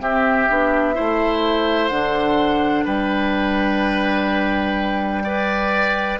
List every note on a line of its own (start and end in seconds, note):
0.00 0.48 C4
0.00 0.95 G4
0.00 1.88 E5
0.49 0.98 B3
0.49 0.94 D4
0.94 1.90 A3
0.94 1.90 E4
0.94 2.85 C5
1.88 2.85 D3
1.88 5.24 D4
1.88 2.83 F#5
2.85 6.19 G3
2.85 5.23 B4
2.85 6.19 G5
5.24 6.20 B4
5.24 6.19 D5